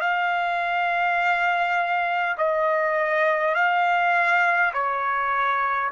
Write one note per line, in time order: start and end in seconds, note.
0.00 2.35 F5
2.37 3.55 D#5
3.55 4.72 F5
4.73 5.91 C#5